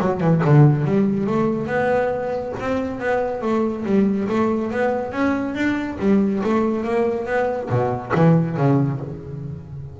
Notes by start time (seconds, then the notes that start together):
0.00 F#3
0.20 E3
0.44 D3
0.84 G3
1.26 A3
1.66 B3
2.59 C4
3.00 B3
3.41 A3
3.85 G3
4.28 A3
4.71 B3
5.12 C#4
5.54 D4
5.99 G3
6.44 A3
6.84 A#3
7.26 B3
7.69 B2
8.14 E3
8.57 C#3